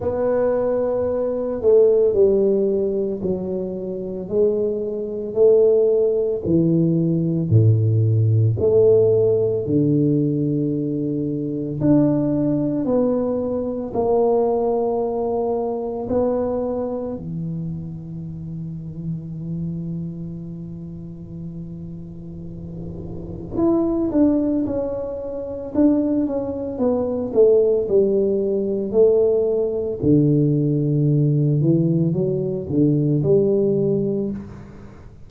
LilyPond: \new Staff \with { instrumentName = "tuba" } { \time 4/4 \tempo 4 = 56 b4. a8 g4 fis4 | gis4 a4 e4 a,4 | a4 d2 d'4 | b4 ais2 b4 |
e1~ | e2 e'8 d'8 cis'4 | d'8 cis'8 b8 a8 g4 a4 | d4. e8 fis8 d8 g4 | }